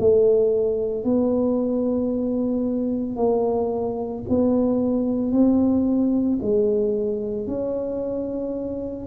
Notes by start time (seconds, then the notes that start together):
0.00 A3
1.05 B3
3.17 A#3
4.30 B3
5.32 C4
6.42 G#3
7.48 C#4